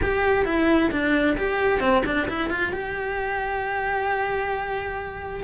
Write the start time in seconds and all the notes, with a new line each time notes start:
0.02 G4
0.45 E4
0.91 D4
1.37 G4
1.80 C4
2.05 D4
2.28 E4
2.50 F4
2.72 G4